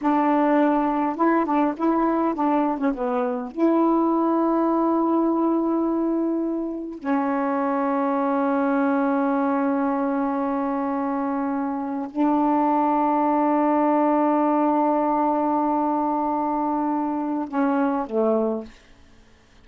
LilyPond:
\new Staff \with { instrumentName = "saxophone" } { \time 4/4 \tempo 4 = 103 d'2 e'8 d'8 e'4 | d'8. cis'16 b4 e'2~ | e'1 | cis'1~ |
cis'1~ | cis'8. d'2.~ d'16~ | d'1~ | d'2 cis'4 a4 | }